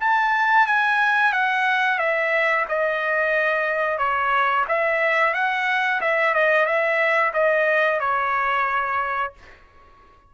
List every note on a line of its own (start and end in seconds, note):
0.00 0.66 A5
0.66 1.32 G#5
1.32 1.98 F#5
1.98 2.65 E5
2.68 3.98 D#5
3.98 4.65 C#5
4.68 5.34 E5
5.34 6.00 F#5
6.01 6.34 E5
6.34 6.65 D#5
6.65 7.32 E5
7.33 8.00 D#5
8.00 9.33 C#5